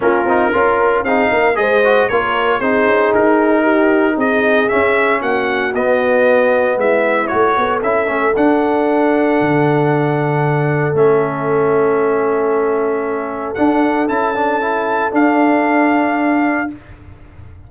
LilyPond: <<
  \new Staff \with { instrumentName = "trumpet" } { \time 4/4 \tempo 4 = 115 ais'2 f''4 dis''4 | cis''4 c''4 ais'2 | dis''4 e''4 fis''4 dis''4~ | dis''4 e''4 cis''4 e''4 |
fis''1~ | fis''4 e''2.~ | e''2 fis''4 a''4~ | a''4 f''2. | }
  \new Staff \with { instrumentName = "horn" } { \time 4/4 f'4 ais'4 gis'8 ais'8 c''4 | ais'4 gis'2 g'4 | gis'2 fis'2~ | fis'4 e'4. a'4.~ |
a'1~ | a'1~ | a'1~ | a'1 | }
  \new Staff \with { instrumentName = "trombone" } { \time 4/4 cis'8 dis'8 f'4 dis'4 gis'8 fis'8 | f'4 dis'2.~ | dis'4 cis'2 b4~ | b2 fis'4 e'8 cis'8 |
d'1~ | d'4 cis'2.~ | cis'2 d'4 e'8 d'8 | e'4 d'2. | }
  \new Staff \with { instrumentName = "tuba" } { \time 4/4 ais8 c'8 cis'4 c'8 ais8 gis4 | ais4 c'8 cis'8 dis'2 | c'4 cis'4 ais4 b4~ | b4 gis4 a8 b8 cis'8 a8 |
d'2 d2~ | d4 a2.~ | a2 d'4 cis'4~ | cis'4 d'2. | }
>>